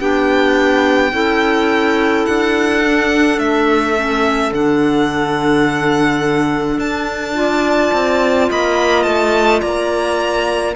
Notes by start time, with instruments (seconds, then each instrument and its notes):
0.00 cello B3, clarinet D4 G4, violin G5
1.12 cello C#4, clarinet E4 A4
2.26 cello D4, violin F#5
2.85 clarinet D4
3.38 cello A3, violin E5
3.96 clarinet C#4
4.53 cello D3, clarinet D4, violin F#5
6.79 cello D4, violin A5
7.34 clarinet F4 D5
7.93 cello C4
8.50 cello A#3, clarinet D#5, violin B5
9.04 cello A3, violin A5
9.61 cello A#3, clarinet D5, violin A#5